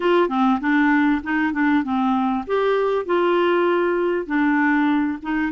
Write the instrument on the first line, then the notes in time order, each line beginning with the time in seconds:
clarinet
0.00 F4
0.28 C4
0.60 D4
1.23 D#4
1.53 D4
1.83 C4
2.47 G4
3.05 F4
4.26 D4
5.22 D#4